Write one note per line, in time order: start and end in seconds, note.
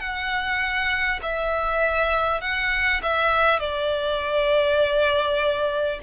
0.00 1.20 F#5
1.23 2.42 E5
2.42 3.02 F#5
3.03 3.59 E5
3.59 5.99 D5